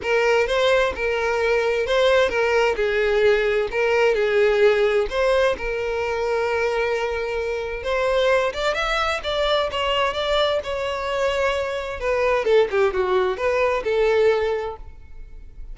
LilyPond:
\new Staff \with { instrumentName = "violin" } { \time 4/4 \tempo 4 = 130 ais'4 c''4 ais'2 | c''4 ais'4 gis'2 | ais'4 gis'2 c''4 | ais'1~ |
ais'4 c''4. d''8 e''4 | d''4 cis''4 d''4 cis''4~ | cis''2 b'4 a'8 g'8 | fis'4 b'4 a'2 | }